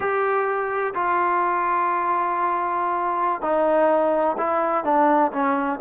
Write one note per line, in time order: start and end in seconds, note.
0.00 0.93 G4
0.94 3.41 F4
3.41 4.36 D#4
4.37 4.84 E4
4.84 5.31 D4
5.32 5.79 C#4